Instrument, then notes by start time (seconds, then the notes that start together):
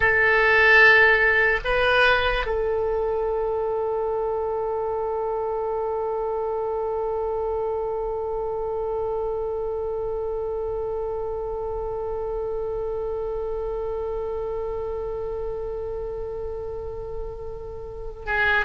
oboe
0.00 A4
1.64 B4
2.45 A4
18.26 G#4